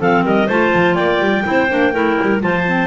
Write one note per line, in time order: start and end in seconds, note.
0.00 0.24 F3
0.00 0.48 C4
0.00 0.24 A4
0.00 0.25 F5
0.24 0.48 G3
0.24 0.47 A#4
0.24 0.49 D#5
0.47 0.74 A3
0.47 1.43 F4
0.47 0.95 C5
0.47 0.95 A5
0.74 0.96 F3
0.95 1.20 A#3
0.95 1.44 D5
0.95 2.40 G5
1.20 1.44 G3
1.43 1.71 C4
1.43 1.68 E4
1.43 1.94 C5
1.69 1.94 A#3
1.69 1.93 D4
1.93 2.18 A3
1.93 2.41 E4
1.93 2.42 A#4
2.22 2.43 G3
2.41 2.87 F3
2.41 2.65 F4
2.41 2.87 C5
2.41 2.87 A5
2.66 2.87 C4